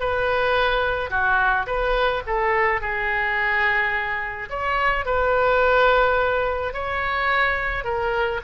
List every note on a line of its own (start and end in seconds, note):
0.00 1.11 B4
1.11 1.67 F#4
1.67 2.23 B4
2.27 2.81 A4
2.81 4.49 G#4
4.50 5.06 C#5
5.06 6.74 B4
6.74 7.85 C#5
7.85 8.41 A#4